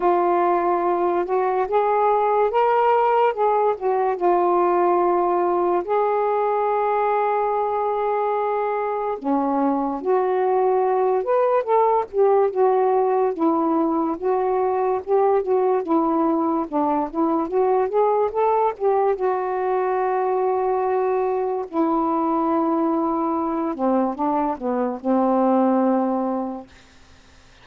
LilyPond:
\new Staff \with { instrumentName = "saxophone" } { \time 4/4 \tempo 4 = 72 f'4. fis'8 gis'4 ais'4 | gis'8 fis'8 f'2 gis'4~ | gis'2. cis'4 | fis'4. b'8 a'8 g'8 fis'4 |
e'4 fis'4 g'8 fis'8 e'4 | d'8 e'8 fis'8 gis'8 a'8 g'8 fis'4~ | fis'2 e'2~ | e'8 c'8 d'8 b8 c'2 | }